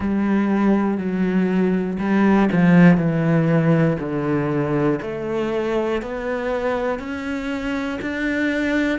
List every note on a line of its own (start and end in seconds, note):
0.00 0.97 G3
0.97 1.97 F#3
1.99 2.49 G3
2.51 2.97 F3
2.97 3.97 E3
3.99 4.99 D3
5.01 6.01 A3
6.01 6.99 B3
6.99 7.99 C#4
8.01 8.98 D4